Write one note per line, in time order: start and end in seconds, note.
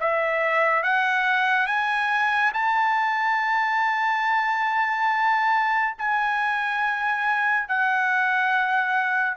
0.00 0.83 E5
0.83 1.66 F#5
1.66 2.52 G#5
2.53 5.96 A5
5.98 7.68 G#5
7.68 9.36 F#5